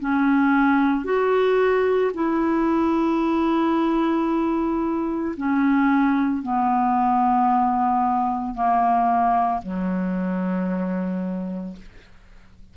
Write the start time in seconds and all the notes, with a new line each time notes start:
0.00 C#4
1.04 F#4
2.13 E4
5.37 C#4
6.42 B3
8.54 A#3
9.62 F#3